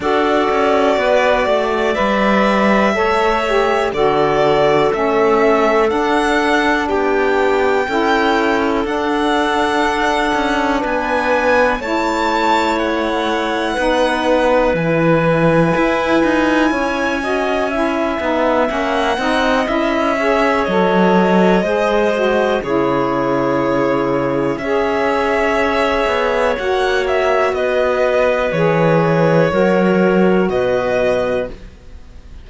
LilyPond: <<
  \new Staff \with { instrumentName = "violin" } { \time 4/4 \tempo 4 = 61 d''2 e''2 | d''4 e''4 fis''4 g''4~ | g''4 fis''2 gis''4 | a''4 fis''2 gis''4~ |
gis''2. fis''4 | e''4 dis''2 cis''4~ | cis''4 e''2 fis''8 e''8 | dis''4 cis''2 dis''4 | }
  \new Staff \with { instrumentName = "clarinet" } { \time 4/4 a'4 b'8 d''4. cis''4 | a'2. g'4 | a'2. b'4 | cis''2 b'2~ |
b'4 cis''8 dis''8 e''4. dis''8~ | dis''8 cis''4. c''4 gis'4~ | gis'4 cis''2. | b'2 ais'4 b'4 | }
  \new Staff \with { instrumentName = "saxophone" } { \time 4/4 fis'2 b'4 a'8 g'8 | fis'4 cis'4 d'2 | e'4 d'2. | e'2 dis'4 e'4~ |
e'4. fis'8 e'8 dis'8 cis'8 dis'8 | e'8 gis'8 a'4 gis'8 fis'8 e'4~ | e'4 gis'2 fis'4~ | fis'4 gis'4 fis'2 | }
  \new Staff \with { instrumentName = "cello" } { \time 4/4 d'8 cis'8 b8 a8 g4 a4 | d4 a4 d'4 b4 | cis'4 d'4. cis'8 b4 | a2 b4 e4 |
e'8 dis'8 cis'4. b8 ais8 c'8 | cis'4 fis4 gis4 cis4~ | cis4 cis'4. b8 ais4 | b4 e4 fis4 b,4 | }
>>